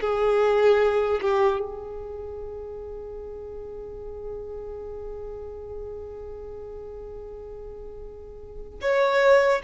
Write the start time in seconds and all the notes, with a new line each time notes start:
0.00 G#4
1.21 G4
1.59 G#4
8.81 C#5